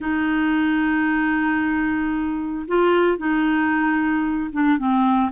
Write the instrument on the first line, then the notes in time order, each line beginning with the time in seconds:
clarinet
0.00 D#4
2.67 F4
3.17 D#4
4.52 D4
4.78 C4